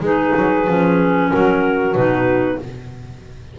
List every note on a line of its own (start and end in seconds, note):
0.00 0.32 G#3
0.00 0.66 D#4
0.00 1.30 G#4
0.00 1.32 B4
0.37 0.67 F#3
0.67 1.31 F3
0.67 1.95 C#4
1.31 1.95 F#3
1.31 2.59 F#4
1.31 1.95 A#4
1.95 2.59 B2
1.95 2.59 D#4
1.95 2.59 B4